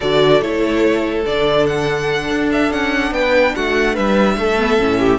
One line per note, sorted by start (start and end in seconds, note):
0.00 0.41 D3
0.00 0.42 F#4
0.00 3.12 A4
0.00 0.42 D5
0.41 1.24 A3
0.41 1.25 E4
0.41 1.25 C#5
1.25 2.30 D3
1.25 4.57 D4
1.25 1.66 D5
1.66 2.49 F#5
2.30 2.71 D4
2.52 2.72 E5
2.71 3.11 C#4
2.71 3.13 F#5
3.11 3.53 B3
3.11 3.55 B4
3.11 3.55 G5
3.55 3.97 A3
3.55 3.94 F#4
3.55 3.95 F#5
3.94 4.37 G3
3.94 4.35 B4
3.94 5.19 E5
4.37 4.79 A3
4.37 4.99 A4
4.57 4.78 B3
4.78 5.19 A2
4.78 5.19 C#4
4.99 5.19 G4